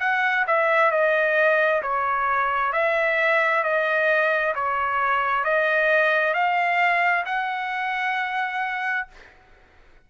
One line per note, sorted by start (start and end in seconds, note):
0.00 0.45 F#5
0.47 0.91 E5
0.91 1.82 D#5
1.83 2.73 C#5
2.73 3.63 E5
3.63 4.54 D#5
4.55 5.45 C#5
5.45 6.34 D#5
6.34 7.25 F5
7.26 9.07 F#5